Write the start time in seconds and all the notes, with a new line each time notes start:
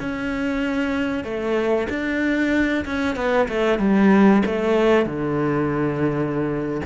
0.00 C#4
1.24 A3
1.89 D4
2.85 C#4
3.16 B3
3.49 A3
3.79 G3
4.46 A3
5.06 D3